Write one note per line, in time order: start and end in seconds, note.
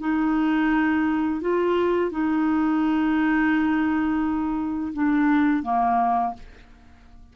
0.00 1.41 D#4
1.41 2.11 F4
2.11 4.93 D#4
4.93 5.63 D4
5.63 6.34 A#3